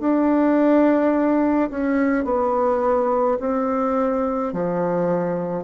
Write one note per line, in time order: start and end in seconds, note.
0.00 1.70 D4
1.70 2.25 C#4
2.25 3.38 B3
3.40 4.53 C4
4.53 5.63 F3